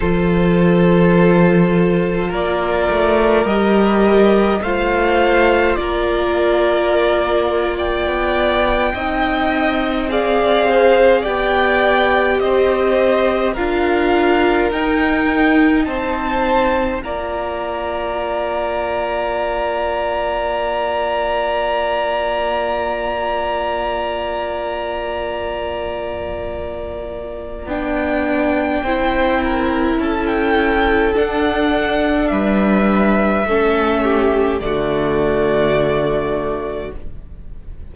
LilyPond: <<
  \new Staff \with { instrumentName = "violin" } { \time 4/4 \tempo 4 = 52 c''2 d''4 dis''4 | f''4 d''4.~ d''16 g''4~ g''16~ | g''8. f''4 g''4 dis''4 f''16~ | f''8. g''4 a''4 ais''4~ ais''16~ |
ais''1~ | ais''1 | g''2 a''16 g''8. fis''4 | e''2 d''2 | }
  \new Staff \with { instrumentName = "violin" } { \time 4/4 a'2 ais'2 | c''4 ais'4.~ ais'16 d''4 dis''16~ | dis''8. d''8 c''8 d''4 c''4 ais'16~ | ais'4.~ ais'16 c''4 d''4~ d''16~ |
d''1~ | d''1~ | d''4 c''8 ais'8 a'2 | b'4 a'8 g'8 fis'2 | }
  \new Staff \with { instrumentName = "viola" } { \time 4/4 f'2. g'4 | f'2.~ f'8. dis'16~ | dis'8. gis'4 g'2 f'16~ | f'8. dis'2 f'4~ f'16~ |
f'1~ | f'1 | d'4 e'2 d'4~ | d'4 cis'4 a2 | }
  \new Staff \with { instrumentName = "cello" } { \time 4/4 f2 ais8 a8 g4 | a4 ais2 b8. c'16~ | c'4.~ c'16 b4 c'4 d'16~ | d'8. dis'4 c'4 ais4~ ais16~ |
ais1~ | ais1 | b4 c'4 cis'4 d'4 | g4 a4 d2 | }
>>